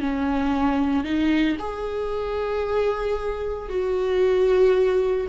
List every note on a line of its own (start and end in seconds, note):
0.00 1.04 C#4
1.04 1.57 D#4
1.59 3.69 G#4
3.69 5.27 F#4